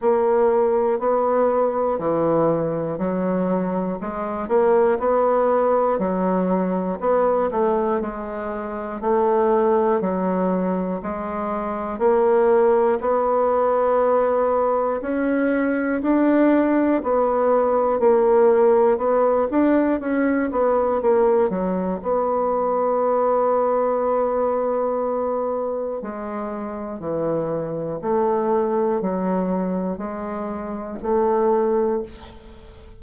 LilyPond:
\new Staff \with { instrumentName = "bassoon" } { \time 4/4 \tempo 4 = 60 ais4 b4 e4 fis4 | gis8 ais8 b4 fis4 b8 a8 | gis4 a4 fis4 gis4 | ais4 b2 cis'4 |
d'4 b4 ais4 b8 d'8 | cis'8 b8 ais8 fis8 b2~ | b2 gis4 e4 | a4 fis4 gis4 a4 | }